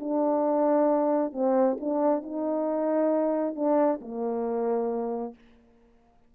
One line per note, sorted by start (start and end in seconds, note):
0.00 1.33 D4
1.33 1.78 C4
1.81 2.23 D4
2.23 3.56 D#4
3.56 4.00 D4
4.01 5.35 A#3